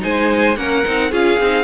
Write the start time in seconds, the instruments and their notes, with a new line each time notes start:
0.00 cello G#3, viola D#4, violin C5 G#5
0.57 cello A#3, viola C#4, violin A#4 F#5
0.85 cello C4, viola D#4
1.11 cello C#4, viola F4, violin G#4 F5
1.40 cello C4, viola D#4